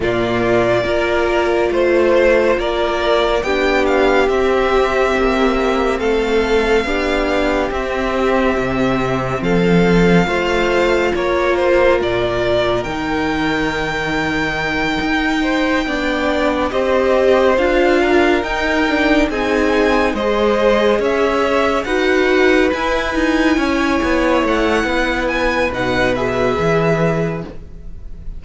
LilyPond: <<
  \new Staff \with { instrumentName = "violin" } { \time 4/4 \tempo 4 = 70 d''2 c''4 d''4 | g''8 f''8 e''2 f''4~ | f''4 e''2 f''4~ | f''4 cis''8 c''8 d''4 g''4~ |
g''2.~ g''8 dis''8~ | dis''8 f''4 g''4 gis''4 dis''8~ | dis''8 e''4 fis''4 gis''4.~ | gis''8 fis''4 gis''8 fis''8 e''4. | }
  \new Staff \with { instrumentName = "violin" } { \time 4/4 f'4 ais'4 c''4 ais'4 | g'2. a'4 | g'2. a'4 | c''4 ais'2.~ |
ais'2 c''8 d''4 c''8~ | c''4 ais'4. gis'4 c''8~ | c''8 cis''4 b'2 cis''8~ | cis''4 b'2. | }
  \new Staff \with { instrumentName = "viola" } { \time 4/4 ais4 f'2. | d'4 c'2. | d'4 c'2. | f'2. dis'4~ |
dis'2~ dis'8 d'4 g'8~ | g'8 f'4 dis'8 d'8 dis'4 gis'8~ | gis'4. fis'4 e'4.~ | e'2 dis'8 gis'4. | }
  \new Staff \with { instrumentName = "cello" } { \time 4/4 ais,4 ais4 a4 ais4 | b4 c'4 ais4 a4 | b4 c'4 c4 f4 | a4 ais4 ais,4 dis4~ |
dis4. dis'4 b4 c'8~ | c'8 d'4 dis'4 c'4 gis8~ | gis8 cis'4 dis'4 e'8 dis'8 cis'8 | b8 a8 b4 b,4 e4 | }
>>